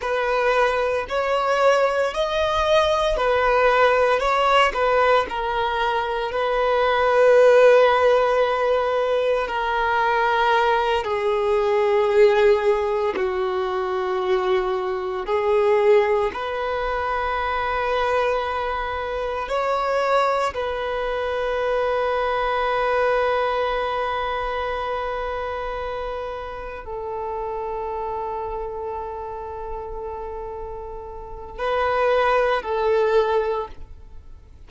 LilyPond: \new Staff \with { instrumentName = "violin" } { \time 4/4 \tempo 4 = 57 b'4 cis''4 dis''4 b'4 | cis''8 b'8 ais'4 b'2~ | b'4 ais'4. gis'4.~ | gis'8 fis'2 gis'4 b'8~ |
b'2~ b'8 cis''4 b'8~ | b'1~ | b'4. a'2~ a'8~ | a'2 b'4 a'4 | }